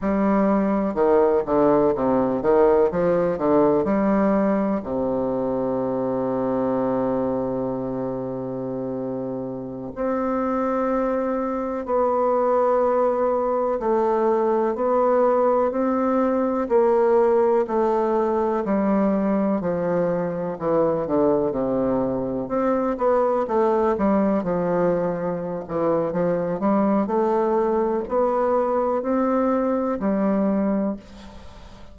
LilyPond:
\new Staff \with { instrumentName = "bassoon" } { \time 4/4 \tempo 4 = 62 g4 dis8 d8 c8 dis8 f8 d8 | g4 c2.~ | c2~ c16 c'4.~ c'16~ | c'16 b2 a4 b8.~ |
b16 c'4 ais4 a4 g8.~ | g16 f4 e8 d8 c4 c'8 b16~ | b16 a8 g8 f4~ f16 e8 f8 g8 | a4 b4 c'4 g4 | }